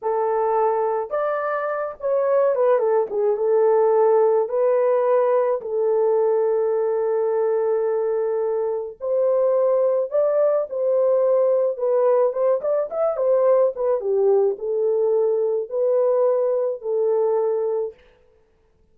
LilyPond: \new Staff \with { instrumentName = "horn" } { \time 4/4 \tempo 4 = 107 a'2 d''4. cis''8~ | cis''8 b'8 a'8 gis'8 a'2 | b'2 a'2~ | a'1 |
c''2 d''4 c''4~ | c''4 b'4 c''8 d''8 e''8 c''8~ | c''8 b'8 g'4 a'2 | b'2 a'2 | }